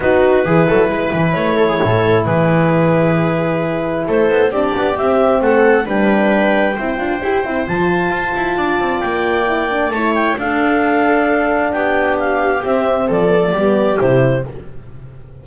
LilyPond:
<<
  \new Staff \with { instrumentName = "clarinet" } { \time 4/4 \tempo 4 = 133 b'2. cis''4~ | cis''4 b'2.~ | b'4 c''4 d''4 e''4 | fis''4 g''2.~ |
g''4 a''2. | g''2 a''8 g''8 f''4~ | f''2 g''4 f''4 | e''4 d''2 c''4 | }
  \new Staff \with { instrumentName = "viola" } { \time 4/4 fis'4 gis'8 a'8 b'4. a'16 gis'16 | a'4 gis'2.~ | gis'4 a'4 g'2 | a'4 b'2 c''4~ |
c''2. d''4~ | d''2 cis''4 a'4~ | a'2 g'2~ | g'4 a'4 g'2 | }
  \new Staff \with { instrumentName = "horn" } { \time 4/4 dis'4 e'2.~ | e'1~ | e'2 d'4 c'4~ | c'4 d'2 e'8 f'8 |
g'8 e'8 f'2.~ | f'4 e'8 d'8 e'4 d'4~ | d'1 | c'4. b16 a16 b4 e'4 | }
  \new Staff \with { instrumentName = "double bass" } { \time 4/4 b4 e8 fis8 gis8 e8 a4 | a,4 e2.~ | e4 a8 b8 c'8 b8 c'4 | a4 g2 c'8 d'8 |
e'8 c'8 f4 f'8 e'8 d'8 c'8 | ais2 a4 d'4~ | d'2 b2 | c'4 f4 g4 c4 | }
>>